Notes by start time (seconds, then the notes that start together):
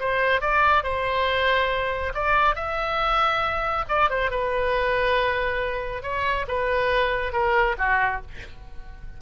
0.00 C5
0.41 D5
0.84 C5
2.14 D5
2.56 E5
3.89 D5
4.10 C5
4.31 B4
6.03 C#5
6.48 B4
7.33 A#4
7.78 F#4